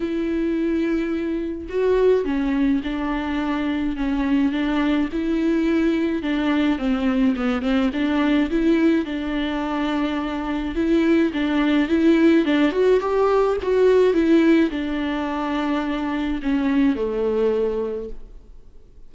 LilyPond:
\new Staff \with { instrumentName = "viola" } { \time 4/4 \tempo 4 = 106 e'2. fis'4 | cis'4 d'2 cis'4 | d'4 e'2 d'4 | c'4 b8 c'8 d'4 e'4 |
d'2. e'4 | d'4 e'4 d'8 fis'8 g'4 | fis'4 e'4 d'2~ | d'4 cis'4 a2 | }